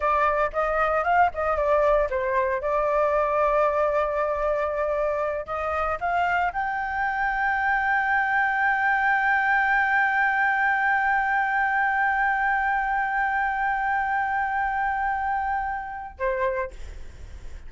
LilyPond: \new Staff \with { instrumentName = "flute" } { \time 4/4 \tempo 4 = 115 d''4 dis''4 f''8 dis''8 d''4 | c''4 d''2.~ | d''2~ d''8 dis''4 f''8~ | f''8 g''2.~ g''8~ |
g''1~ | g''1~ | g''1~ | g''2. c''4 | }